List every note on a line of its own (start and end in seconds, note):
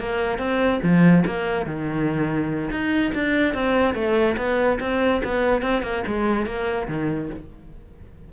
0.00 0.39 A#3
0.39 0.80 C4
0.83 1.25 F3
1.26 1.66 A#3
1.66 2.70 D#3
2.71 3.12 D#4
3.15 3.54 D4
3.54 3.95 C4
3.95 4.36 A3
4.37 4.79 B3
4.80 5.22 C4
5.24 5.62 B3
5.62 5.83 C4
5.83 6.03 A#3
6.07 6.46 G#3
6.46 6.88 A#3
6.88 7.30 D#3